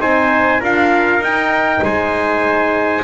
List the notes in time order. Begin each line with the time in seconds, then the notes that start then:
0.00 C4 D#4 C5 G#5
0.61 D4 F4 A#4 F5
1.19 D#4 G5
1.82 G#3 C5 G#5